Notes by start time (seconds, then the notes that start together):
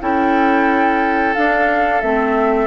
0.00 C#4 E4 A4 G5
1.34 D4 F5
2.01 A3 C4 E5